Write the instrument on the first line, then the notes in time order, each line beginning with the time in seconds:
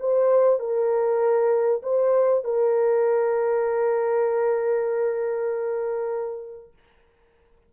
horn
0.00 C5
0.60 A#4
1.83 C5
2.45 A#4